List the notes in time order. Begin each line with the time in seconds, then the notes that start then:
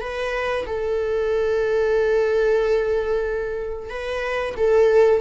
0.00 B4
0.66 A4
3.89 B4
4.56 A4